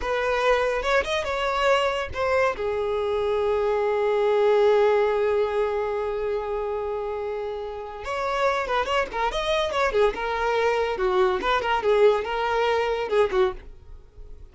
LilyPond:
\new Staff \with { instrumentName = "violin" } { \time 4/4 \tempo 4 = 142 b'2 cis''8 dis''8 cis''4~ | cis''4 c''4 gis'2~ | gis'1~ | gis'1~ |
gis'2. cis''4~ | cis''8 b'8 cis''8 ais'8 dis''4 cis''8 gis'8 | ais'2 fis'4 b'8 ais'8 | gis'4 ais'2 gis'8 fis'8 | }